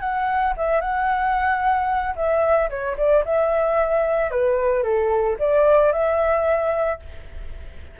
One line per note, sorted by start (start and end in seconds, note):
0.00 0.54 F#5
0.57 0.81 E5
0.81 2.15 F#5
2.16 2.69 E5
2.70 2.97 C#5
2.97 3.24 D5
3.25 4.31 E5
4.31 4.84 B4
4.84 5.37 A4
5.39 5.92 D5
5.92 7.00 E5